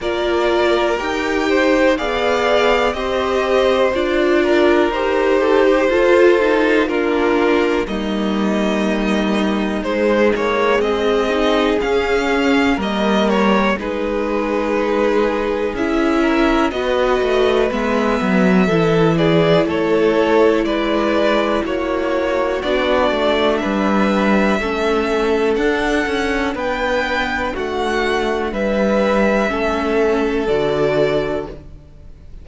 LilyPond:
<<
  \new Staff \with { instrumentName = "violin" } { \time 4/4 \tempo 4 = 61 d''4 g''4 f''4 dis''4 | d''4 c''2 ais'4 | dis''2 c''8 cis''8 dis''4 | f''4 dis''8 cis''8 b'2 |
e''4 dis''4 e''4. d''8 | cis''4 d''4 cis''4 d''4 | e''2 fis''4 g''4 | fis''4 e''2 d''4 | }
  \new Staff \with { instrumentName = "violin" } { \time 4/4 ais'4. c''8 d''4 c''4~ | c''8 ais'4 a'16 g'16 a'4 f'4 | dis'2. gis'4~ | gis'4 ais'4 gis'2~ |
gis'8 ais'8 b'2 a'8 gis'8 | a'4 b'4 fis'2 | b'4 a'2 b'4 | fis'4 b'4 a'2 | }
  \new Staff \with { instrumentName = "viola" } { \time 4/4 f'4 g'4 gis'4 g'4 | f'4 g'4 f'8 dis'8 d'4 | ais2 gis4. dis'8 | cis'4 ais4 dis'2 |
e'4 fis'4 b4 e'4~ | e'2. d'4~ | d'4 cis'4 d'2~ | d'2 cis'4 fis'4 | }
  \new Staff \with { instrumentName = "cello" } { \time 4/4 ais4 dis'4 b4 c'4 | d'4 dis'4 f'4 ais4 | g2 gis8 ais8 c'4 | cis'4 g4 gis2 |
cis'4 b8 a8 gis8 fis8 e4 | a4 gis4 ais4 b8 a8 | g4 a4 d'8 cis'8 b4 | a4 g4 a4 d4 | }
>>